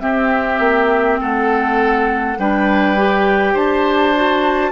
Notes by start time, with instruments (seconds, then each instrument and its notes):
0.00 clarinet C4, bassoon C4, oboe G4, flute E5
0.59 bassoon A#3
1.20 bassoon A3, oboe A4, flute F#5
2.38 bassoon G3, clarinet D4, oboe B4, flute G5
2.97 clarinet G4
3.53 bassoon D4, oboe C5, flute A5
4.15 clarinet F#4